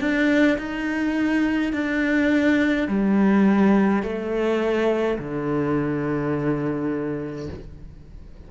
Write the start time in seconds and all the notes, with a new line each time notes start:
0.00 D4
0.58 D#4
1.73 D4
2.88 G3
4.02 A3
5.18 D3